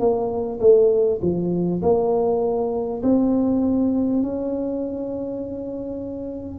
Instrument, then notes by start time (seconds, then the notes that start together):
tuba
0.00 A#3
0.61 A3
1.22 F3
1.82 A#3
3.03 C4
4.23 C#4